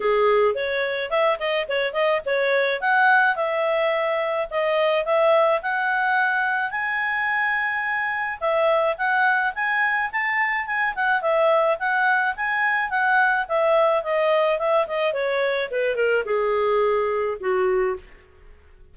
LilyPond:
\new Staff \with { instrumentName = "clarinet" } { \time 4/4 \tempo 4 = 107 gis'4 cis''4 e''8 dis''8 cis''8 dis''8 | cis''4 fis''4 e''2 | dis''4 e''4 fis''2 | gis''2. e''4 |
fis''4 gis''4 a''4 gis''8 fis''8 | e''4 fis''4 gis''4 fis''4 | e''4 dis''4 e''8 dis''8 cis''4 | b'8 ais'8 gis'2 fis'4 | }